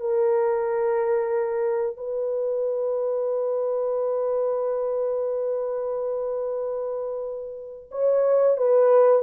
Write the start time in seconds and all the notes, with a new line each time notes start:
0.00 A#4
1.97 B4
7.91 C#5
8.57 B4